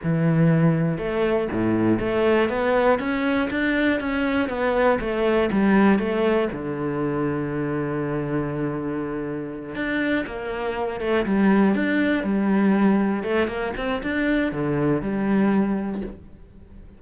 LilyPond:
\new Staff \with { instrumentName = "cello" } { \time 4/4 \tempo 4 = 120 e2 a4 a,4 | a4 b4 cis'4 d'4 | cis'4 b4 a4 g4 | a4 d2.~ |
d2.~ d8 d'8~ | d'8 ais4. a8 g4 d'8~ | d'8 g2 a8 ais8 c'8 | d'4 d4 g2 | }